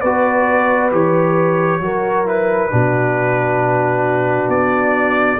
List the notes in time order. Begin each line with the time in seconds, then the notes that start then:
0.00 B3 F#4 B4 D5
0.91 E3 G4 C#5
1.80 F#3 F#4 A#4
2.25 E4 B4
2.70 B2 D4 F#4
4.48 B3 D5